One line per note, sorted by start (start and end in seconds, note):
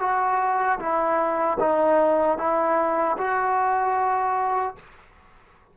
0.00 0.79 F#4
0.80 1.59 E4
1.60 2.38 D#4
2.38 3.17 E4
3.18 4.76 F#4